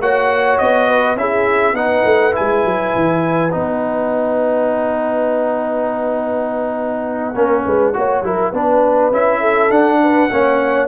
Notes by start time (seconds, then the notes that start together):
0.00 A#3 F#4 C#5 F#5
0.57 B3 D#5
0.88 B4
1.15 C#4 E4 G#4 E5
1.73 B3 D#4 B4 F#5
2.04 A3
2.32 E4 G#5
2.39 G#3
2.64 F#3
2.95 E3
3.51 B3 D#4 F#5
7.35 A#3 C#4 A#4
7.65 G#3 B4
7.93 A#3 F#4 C#5
8.22 F#3 E4 A#4
8.52 B3 D4 B4
9.11 C#4 E4 E5
9.40 A4
9.70 D4 F#5
10.03 B4
10.31 A#3 C#4 C#5